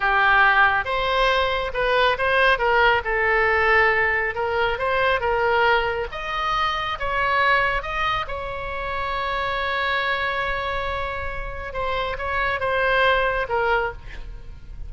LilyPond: \new Staff \with { instrumentName = "oboe" } { \time 4/4 \tempo 4 = 138 g'2 c''2 | b'4 c''4 ais'4 a'4~ | a'2 ais'4 c''4 | ais'2 dis''2 |
cis''2 dis''4 cis''4~ | cis''1~ | cis''2. c''4 | cis''4 c''2 ais'4 | }